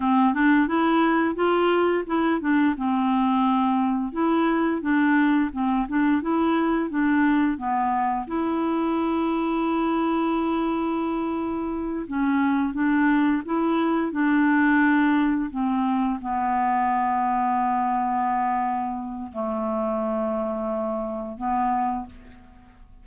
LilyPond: \new Staff \with { instrumentName = "clarinet" } { \time 4/4 \tempo 4 = 87 c'8 d'8 e'4 f'4 e'8 d'8 | c'2 e'4 d'4 | c'8 d'8 e'4 d'4 b4 | e'1~ |
e'4. cis'4 d'4 e'8~ | e'8 d'2 c'4 b8~ | b1 | a2. b4 | }